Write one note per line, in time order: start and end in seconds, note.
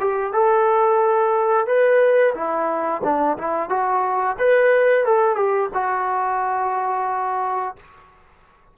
0.00 0.33 G4
0.33 1.67 A4
1.67 2.34 B4
2.35 3.02 E4
3.04 3.38 D4
3.38 3.70 E4
3.70 4.37 F#4
4.39 5.05 B4
5.05 5.36 A4
5.36 5.70 G4
5.74 7.77 F#4